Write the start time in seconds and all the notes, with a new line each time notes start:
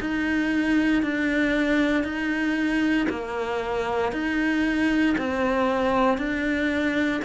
0.00 D#4
1.03 D4
2.04 D#4
3.09 A#3
4.12 D#4
5.18 C4
6.17 D4